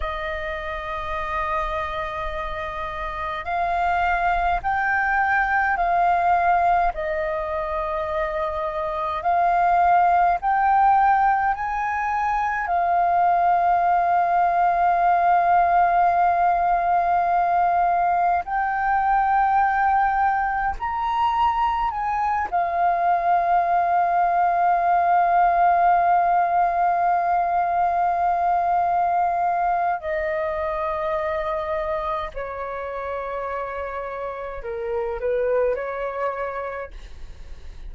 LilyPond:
\new Staff \with { instrumentName = "flute" } { \time 4/4 \tempo 4 = 52 dis''2. f''4 | g''4 f''4 dis''2 | f''4 g''4 gis''4 f''4~ | f''1 |
g''2 ais''4 gis''8 f''8~ | f''1~ | f''2 dis''2 | cis''2 ais'8 b'8 cis''4 | }